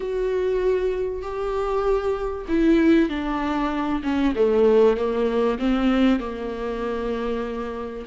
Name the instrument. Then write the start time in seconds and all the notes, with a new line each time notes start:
viola
0.00 F#4
1.21 G4
2.48 E4
3.09 D4
4.03 C#4
4.35 A3
4.96 A#3
5.58 C4
6.19 A#3